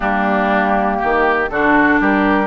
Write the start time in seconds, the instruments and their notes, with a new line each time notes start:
0.00 bassoon G3, clarinet A#3, oboe D4, flute G4
0.99 bassoon D#3, oboe G4
1.49 bassoon D3, clarinet D4, oboe F#4, flute A4
2.00 bassoon G3, oboe G4, flute A#4